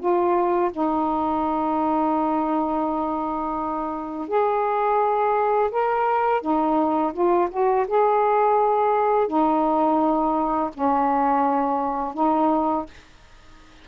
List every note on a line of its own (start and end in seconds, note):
0.00 0.71 F4
0.72 4.28 D#4
4.28 5.71 G#4
5.71 6.42 A#4
6.42 7.13 D#4
7.13 7.49 F4
7.51 7.87 F#4
7.88 9.28 G#4
9.28 10.70 D#4
10.74 12.14 C#4
12.14 12.86 D#4